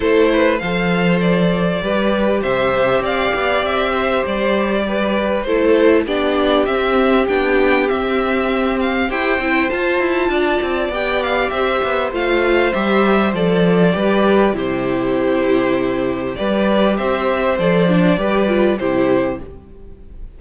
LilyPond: <<
  \new Staff \with { instrumentName = "violin" } { \time 4/4 \tempo 4 = 99 c''4 f''4 d''2 | e''4 f''4 e''4 d''4~ | d''4 c''4 d''4 e''4 | g''4 e''4. f''8 g''4 |
a''2 g''8 f''8 e''4 | f''4 e''4 d''2 | c''2. d''4 | e''4 d''2 c''4 | }
  \new Staff \with { instrumentName = "violin" } { \time 4/4 a'8 b'8 c''2 b'4 | c''4 d''4. c''4. | b'4 a'4 g'2~ | g'2. c''4~ |
c''4 d''2 c''4~ | c''2. b'4 | g'2. b'4 | c''2 b'4 g'4 | }
  \new Staff \with { instrumentName = "viola" } { \time 4/4 e'4 a'2 g'4~ | g'1~ | g'4 e'4 d'4 c'4 | d'4 c'2 g'8 e'8 |
f'2 g'2 | f'4 g'4 a'4 g'4 | e'2. g'4~ | g'4 a'8 d'8 g'8 f'8 e'4 | }
  \new Staff \with { instrumentName = "cello" } { \time 4/4 a4 f2 g4 | c4 c'8 b8 c'4 g4~ | g4 a4 b4 c'4 | b4 c'2 e'8 c'8 |
f'8 e'8 d'8 c'8 b4 c'8 b8 | a4 g4 f4 g4 | c2. g4 | c'4 f4 g4 c4 | }
>>